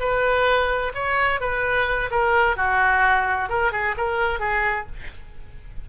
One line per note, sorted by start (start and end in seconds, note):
0.00 0.93 B4
0.95 1.41 C#5
1.41 2.11 B4
2.11 2.57 A#4
2.57 3.50 F#4
3.50 3.72 A#4
3.72 3.96 G#4
3.98 4.40 A#4
4.40 4.86 G#4